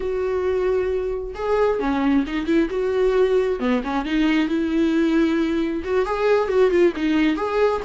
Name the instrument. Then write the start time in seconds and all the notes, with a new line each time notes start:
viola
0.00 F#4
1.34 G#4
1.79 C#4
2.26 D#4
2.46 E4
2.69 F#4
3.59 B3
3.83 C#4
4.05 D#4
4.48 E4
5.84 F#4
6.05 G#4
6.48 F#4
6.70 F4
6.96 D#4
7.36 G#4